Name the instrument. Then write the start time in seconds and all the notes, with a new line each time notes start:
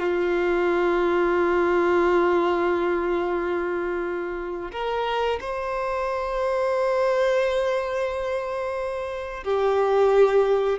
violin
0.00 F4
4.72 A#4
5.41 C5
9.44 G4